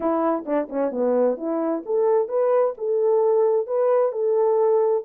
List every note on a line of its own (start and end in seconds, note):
0.00 0.45 E4
0.45 0.68 D4
0.69 0.91 C#4
0.91 1.37 B3
1.37 1.83 E4
1.85 2.28 A4
2.28 2.74 B4
2.77 3.66 A4
3.66 4.12 B4
4.12 5.03 A4